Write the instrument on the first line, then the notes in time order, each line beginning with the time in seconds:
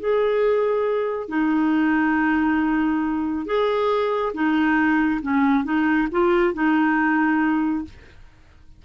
clarinet
0.00 G#4
1.29 D#4
3.46 G#4
4.34 D#4
5.22 C#4
5.64 D#4
6.11 F4
6.54 D#4